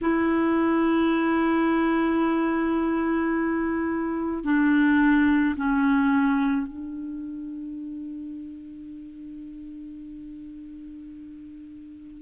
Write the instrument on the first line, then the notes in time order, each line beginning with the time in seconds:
clarinet
0.01 E4
4.44 D4
5.56 C#4
6.67 D4